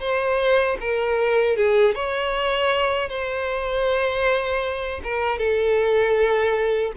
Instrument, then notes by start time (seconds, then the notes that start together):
violin
0.00 C5
0.80 A#4
1.56 G#4
1.95 C#5
3.08 C5
5.03 A#4
5.38 A4